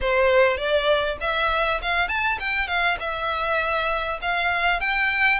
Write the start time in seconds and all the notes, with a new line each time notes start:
0.01 C5
0.57 D5
1.21 E5
1.82 F5
2.08 A5
2.39 G5
2.67 F5
2.99 E5
4.21 F5
4.80 G5